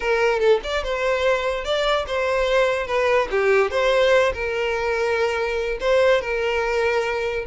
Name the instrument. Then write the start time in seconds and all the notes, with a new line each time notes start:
violin
0.00 A#4
0.39 A4
0.63 D5
0.83 C5
1.64 D5
2.07 C5
2.86 B4
3.30 G4
3.71 C5
4.33 A#4
5.80 C5
6.21 A#4